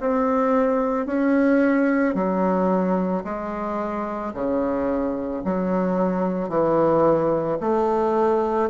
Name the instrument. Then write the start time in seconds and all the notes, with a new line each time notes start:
bassoon
0.00 C4
1.06 C#4
2.15 F#3
3.24 G#3
4.34 C#3
5.44 F#3
6.49 E3
7.61 A3